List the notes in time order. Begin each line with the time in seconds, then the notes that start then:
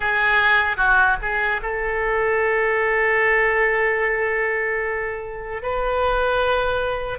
0.00 G#4
0.76 F#4
1.21 G#4
1.62 A4
5.62 B4